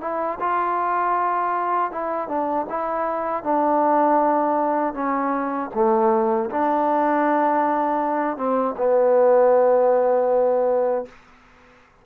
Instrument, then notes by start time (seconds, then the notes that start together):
trombone
0.00 E4
0.39 F4
1.91 E4
2.28 D4
2.69 E4
3.43 D4
4.94 C#4
5.74 A3
6.50 D4
8.36 C4
8.77 B3